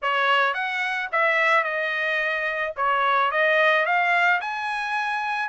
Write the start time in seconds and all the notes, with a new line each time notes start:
0.02 C#5
0.54 F#5
1.12 E5
1.63 D#5
2.76 C#5
3.31 D#5
3.85 F5
4.40 G#5